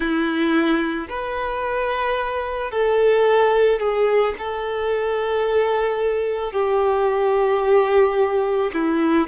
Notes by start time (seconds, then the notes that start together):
0.00 E4
1.09 B4
2.71 A4
3.79 G#4
4.38 A4
6.52 G4
8.73 E4